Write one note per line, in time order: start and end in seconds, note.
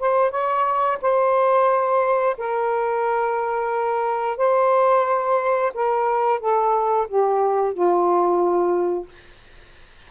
0.00 0.31 C5
0.31 0.98 C#5
1.02 2.37 C5
2.38 4.38 A#4
4.38 5.73 C5
5.75 6.40 A#4
6.40 7.08 A4
7.08 7.74 G4
7.74 9.09 F4